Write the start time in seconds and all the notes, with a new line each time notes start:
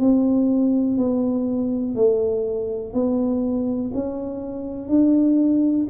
0.00 C4
0.97 B3
1.95 A3
2.93 B3
3.94 C#4
4.89 D4